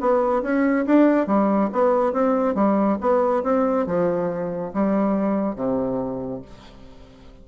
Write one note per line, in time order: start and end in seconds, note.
0.00 0.42 B3
0.42 0.85 C#4
0.86 1.27 D4
1.27 1.70 G3
1.72 2.12 B3
2.12 2.54 C4
2.54 2.98 G3
3.00 3.43 B3
3.43 3.86 C4
3.86 4.72 F3
4.73 5.55 G3
5.55 6.41 C3